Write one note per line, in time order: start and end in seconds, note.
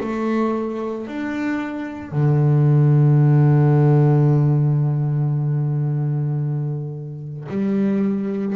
0.00 1.07 A3
1.07 2.12 D4
2.12 7.48 D3
7.49 8.56 G3